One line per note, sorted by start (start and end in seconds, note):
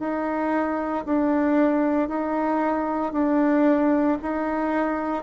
0.00 1.05 D#4
1.06 2.09 D4
2.09 3.13 D#4
3.13 4.18 D4
4.22 5.23 D#4